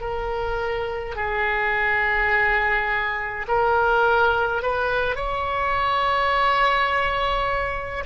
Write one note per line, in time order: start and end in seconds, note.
0.00 1.15 A#4
1.15 3.46 G#4
3.48 4.62 A#4
4.62 5.16 B4
5.16 8.04 C#5